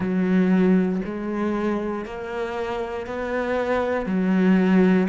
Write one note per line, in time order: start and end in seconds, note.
0.00 1.01 F#3
1.04 2.05 G#3
2.05 3.06 A#3
3.06 4.06 B3
4.06 5.08 F#3